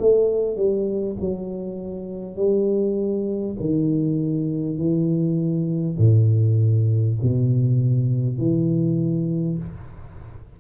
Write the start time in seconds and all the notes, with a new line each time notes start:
0.00 A3
0.57 G3
1.21 F#3
2.36 G3
3.61 D#3
4.78 E3
5.99 A2
7.23 B2
8.39 E3